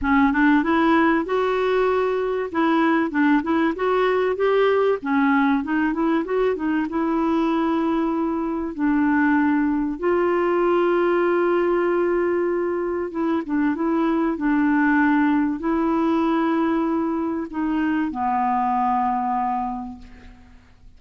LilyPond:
\new Staff \with { instrumentName = "clarinet" } { \time 4/4 \tempo 4 = 96 cis'8 d'8 e'4 fis'2 | e'4 d'8 e'8 fis'4 g'4 | cis'4 dis'8 e'8 fis'8 dis'8 e'4~ | e'2 d'2 |
f'1~ | f'4 e'8 d'8 e'4 d'4~ | d'4 e'2. | dis'4 b2. | }